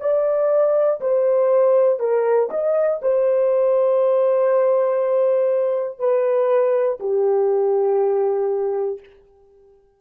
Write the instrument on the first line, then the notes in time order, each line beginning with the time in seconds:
horn
0.00 D5
1.00 C5
1.99 A#4
2.50 D#5
3.01 C5
5.99 B4
7.00 G4